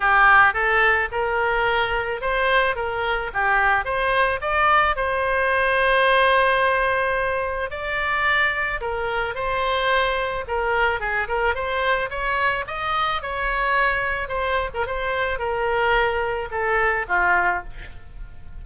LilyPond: \new Staff \with { instrumentName = "oboe" } { \time 4/4 \tempo 4 = 109 g'4 a'4 ais'2 | c''4 ais'4 g'4 c''4 | d''4 c''2.~ | c''2 d''2 |
ais'4 c''2 ais'4 | gis'8 ais'8 c''4 cis''4 dis''4 | cis''2 c''8. ais'16 c''4 | ais'2 a'4 f'4 | }